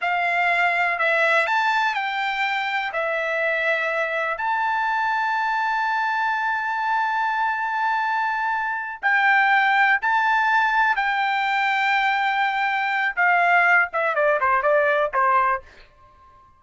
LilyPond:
\new Staff \with { instrumentName = "trumpet" } { \time 4/4 \tempo 4 = 123 f''2 e''4 a''4 | g''2 e''2~ | e''4 a''2.~ | a''1~ |
a''2~ a''8 g''4.~ | g''8 a''2 g''4.~ | g''2. f''4~ | f''8 e''8 d''8 c''8 d''4 c''4 | }